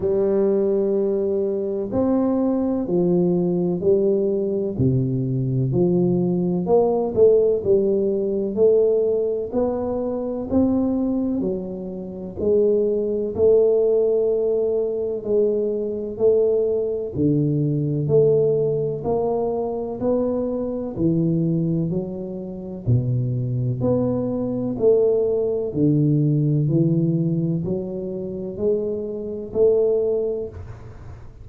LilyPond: \new Staff \with { instrumentName = "tuba" } { \time 4/4 \tempo 4 = 63 g2 c'4 f4 | g4 c4 f4 ais8 a8 | g4 a4 b4 c'4 | fis4 gis4 a2 |
gis4 a4 d4 a4 | ais4 b4 e4 fis4 | b,4 b4 a4 d4 | e4 fis4 gis4 a4 | }